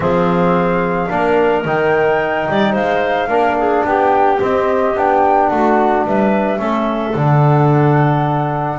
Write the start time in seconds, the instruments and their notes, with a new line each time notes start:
0.00 double bass F3, trombone C4, clarinet G#4, flute F5
1.09 double bass A#3, trombone D4, clarinet A#4
1.64 double bass D#3, trombone D#4, flute G5
2.48 double bass G3, clarinet D5
2.72 double bass G#3, clarinet C5, flute F5
3.28 double bass A#3, trombone D4, clarinet A#4
3.58 clarinet G#4
3.84 double bass B3, clarinet G4, flute G5
4.40 trombone C4, double bass C4, flute D#5
4.94 double bass B3, trombone D4, flute G5
5.49 double bass A3, clarinet F#4, flute F#5
6.05 double bass G3, clarinet B4, flute E5
6.57 double bass A3, trombone C#4, clarinet A4
7.14 double bass D3, trombone D4, flute F#5